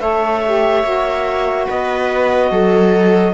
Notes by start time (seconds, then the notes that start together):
0.00 A3 A4 C#5 E5
0.46 G4
0.84 A#3 F#4
1.67 B3 B4 D#5
2.51 F#3 A4